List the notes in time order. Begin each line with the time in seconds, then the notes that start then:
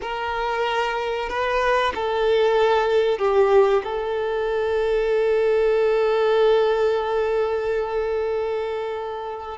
0.01 A#4
1.29 B4
1.94 A4
3.18 G4
3.83 A4